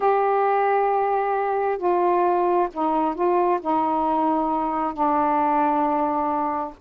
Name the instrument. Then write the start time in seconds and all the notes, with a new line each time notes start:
saxophone
0.00 G4
1.78 F4
2.73 D#4
3.14 F4
3.61 D#4
4.93 D4